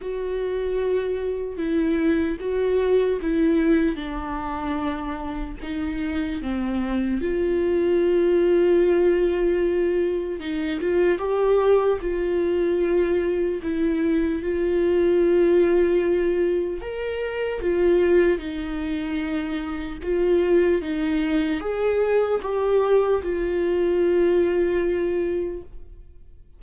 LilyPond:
\new Staff \with { instrumentName = "viola" } { \time 4/4 \tempo 4 = 75 fis'2 e'4 fis'4 | e'4 d'2 dis'4 | c'4 f'2.~ | f'4 dis'8 f'8 g'4 f'4~ |
f'4 e'4 f'2~ | f'4 ais'4 f'4 dis'4~ | dis'4 f'4 dis'4 gis'4 | g'4 f'2. | }